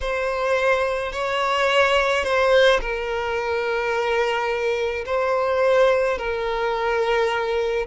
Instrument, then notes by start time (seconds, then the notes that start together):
violin
0.00 C5
1.12 C#5
2.24 C5
2.80 A#4
5.05 C5
6.18 A#4